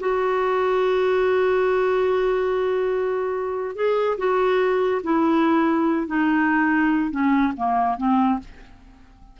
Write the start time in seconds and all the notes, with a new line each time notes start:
0.00 F#4
3.76 G#4
4.18 F#4
5.04 E4
6.07 D#4
7.11 C#4
7.57 A#3
7.97 C4